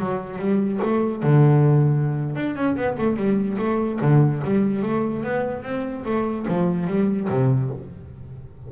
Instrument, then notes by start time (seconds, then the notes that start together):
double bass
0.00 F#3
0.39 G3
0.83 A3
1.23 D3
2.36 D4
2.56 C#4
2.77 B3
2.98 A3
3.17 G3
3.59 A3
4.01 D3
4.45 G3
4.83 A3
5.24 B3
5.63 C4
6.05 A3
6.48 F3
6.88 G3
7.29 C3